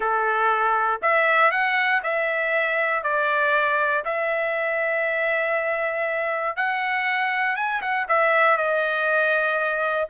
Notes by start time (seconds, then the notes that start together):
0.00 A4
1.02 E5
1.51 F#5
2.03 E5
3.03 D5
4.04 E5
6.56 F#5
7.56 G#5
7.81 F#5
8.08 E5
8.57 D#5